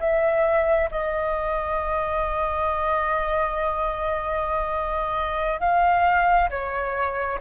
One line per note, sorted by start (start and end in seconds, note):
0.00 0.90 E5
0.91 5.61 D#5
5.61 6.50 F5
6.50 7.40 C#5